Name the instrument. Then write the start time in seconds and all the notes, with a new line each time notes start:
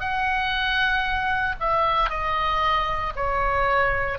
oboe
0.00 F#5
1.60 E5
2.10 D#5
3.16 C#5